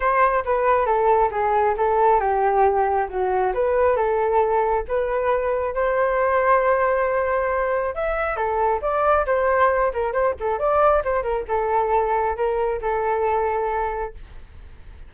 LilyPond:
\new Staff \with { instrumentName = "flute" } { \time 4/4 \tempo 4 = 136 c''4 b'4 a'4 gis'4 | a'4 g'2 fis'4 | b'4 a'2 b'4~ | b'4 c''2.~ |
c''2 e''4 a'4 | d''4 c''4. ais'8 c''8 a'8 | d''4 c''8 ais'8 a'2 | ais'4 a'2. | }